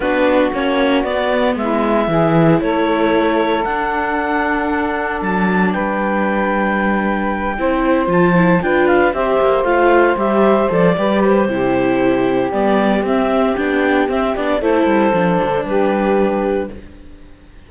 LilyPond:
<<
  \new Staff \with { instrumentName = "clarinet" } { \time 4/4 \tempo 4 = 115 b'4 cis''4 d''4 e''4~ | e''4 cis''2 fis''4~ | fis''2 a''4 g''4~ | g''2.~ g''8 a''8~ |
a''8 g''8 f''8 e''4 f''4 e''8~ | e''8 d''4 c''2~ c''8 | d''4 e''4 g''4 e''8 d''8 | c''2 b'2 | }
  \new Staff \with { instrumentName = "saxophone" } { \time 4/4 fis'2. e'4 | gis'4 a'2.~ | a'2. b'4~ | b'2~ b'8 c''4.~ |
c''8 b'4 c''2~ c''8~ | c''4 b'4 g'2~ | g'1 | a'2 g'2 | }
  \new Staff \with { instrumentName = "viola" } { \time 4/4 d'4 cis'4 b2 | e'2. d'4~ | d'1~ | d'2~ d'8 e'4 f'8 |
e'8 f'4 g'4 f'4 g'8~ | g'8 a'8 g'4 e'2 | b4 c'4 d'4 c'8 d'8 | e'4 d'2. | }
  \new Staff \with { instrumentName = "cello" } { \time 4/4 b4 ais4 b4 gis4 | e4 a2 d'4~ | d'2 fis4 g4~ | g2~ g8 c'4 f8~ |
f8 d'4 c'8 ais8 a4 g8~ | g8 f8 g4 c2 | g4 c'4 b4 c'8 b8 | a8 g8 f8 d8 g2 | }
>>